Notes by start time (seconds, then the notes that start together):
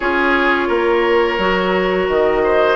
0.00 C#4 F4 G#4 C#5
0.68 A#3 A#4
1.38 F#3 F#4
2.08 D#3 D#5
2.43 C5